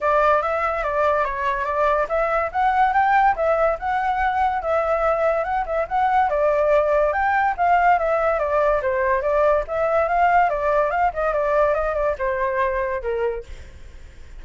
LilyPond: \new Staff \with { instrumentName = "flute" } { \time 4/4 \tempo 4 = 143 d''4 e''4 d''4 cis''4 | d''4 e''4 fis''4 g''4 | e''4 fis''2 e''4~ | e''4 fis''8 e''8 fis''4 d''4~ |
d''4 g''4 f''4 e''4 | d''4 c''4 d''4 e''4 | f''4 d''4 f''8 dis''8 d''4 | dis''8 d''8 c''2 ais'4 | }